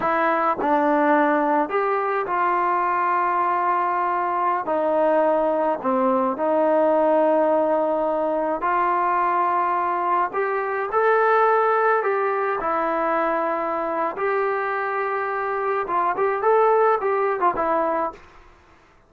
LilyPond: \new Staff \with { instrumentName = "trombone" } { \time 4/4 \tempo 4 = 106 e'4 d'2 g'4 | f'1~ | f'16 dis'2 c'4 dis'8.~ | dis'2.~ dis'16 f'8.~ |
f'2~ f'16 g'4 a'8.~ | a'4~ a'16 g'4 e'4.~ e'16~ | e'4 g'2. | f'8 g'8 a'4 g'8. f'16 e'4 | }